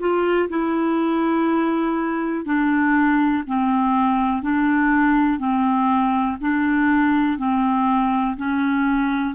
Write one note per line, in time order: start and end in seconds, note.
0.00 0.49 F4
0.50 2.45 E4
2.45 3.44 D4
3.47 4.43 C4
4.43 5.39 D4
5.39 6.38 C4
6.41 7.38 D4
7.38 8.37 C4
8.37 9.35 C#4